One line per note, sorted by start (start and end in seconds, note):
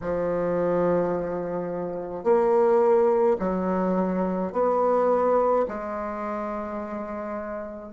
0.00 2.23 F3
2.23 3.37 A#3
3.39 4.52 F#3
4.52 5.66 B3
5.68 7.92 G#3